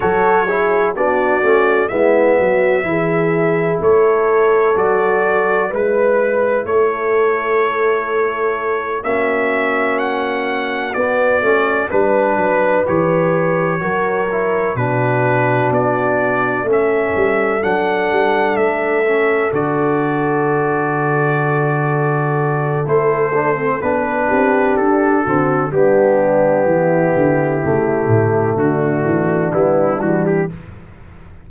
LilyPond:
<<
  \new Staff \with { instrumentName = "trumpet" } { \time 4/4 \tempo 4 = 63 cis''4 d''4 e''2 | cis''4 d''4 b'4 cis''4~ | cis''4. e''4 fis''4 d''8~ | d''8 b'4 cis''2 b'8~ |
b'8 d''4 e''4 fis''4 e''8~ | e''8 d''2.~ d''8 | c''4 b'4 a'4 g'4~ | g'2 fis'4 e'8 fis'16 g'16 | }
  \new Staff \with { instrumentName = "horn" } { \time 4/4 a'8 gis'8 fis'4 e'8 fis'8 gis'4 | a'2 b'4 a'4~ | a'4. fis'2~ fis'8~ | fis'8 b'2 ais'4 fis'8~ |
fis'4. a'2~ a'8~ | a'1~ | a'4. g'4 fis'8 d'4 | e'2 d'2 | }
  \new Staff \with { instrumentName = "trombone" } { \time 4/4 fis'8 e'8 d'8 cis'8 b4 e'4~ | e'4 fis'4 e'2~ | e'4. cis'2 b8 | cis'8 d'4 g'4 fis'8 e'8 d'8~ |
d'4. cis'4 d'4. | cis'8 fis'2.~ fis'8 | e'8 d'16 c'16 d'4. c'8 b4~ | b4 a2 b8 g8 | }
  \new Staff \with { instrumentName = "tuba" } { \time 4/4 fis4 b8 a8 gis8 fis8 e4 | a4 fis4 gis4 a4~ | a4. ais2 b8 | a8 g8 fis8 e4 fis4 b,8~ |
b,8 b4 a8 g8 fis8 g8 a8~ | a8 d2.~ d8 | a4 b8 c'8 d'8 d8 g4 | e8 d8 cis8 a,8 d8 e8 g8 e8 | }
>>